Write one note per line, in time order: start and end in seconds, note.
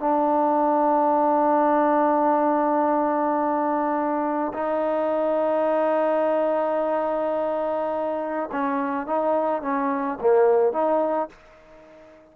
0.00 4.53 D4
4.54 8.50 D#4
8.52 9.06 C#4
9.06 9.62 D#4
9.62 10.19 C#4
10.21 10.73 A#3
10.73 11.29 D#4